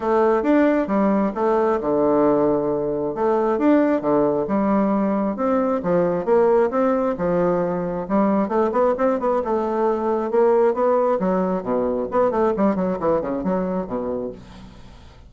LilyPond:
\new Staff \with { instrumentName = "bassoon" } { \time 4/4 \tempo 4 = 134 a4 d'4 g4 a4 | d2. a4 | d'4 d4 g2 | c'4 f4 ais4 c'4 |
f2 g4 a8 b8 | c'8 b8 a2 ais4 | b4 fis4 b,4 b8 a8 | g8 fis8 e8 cis8 fis4 b,4 | }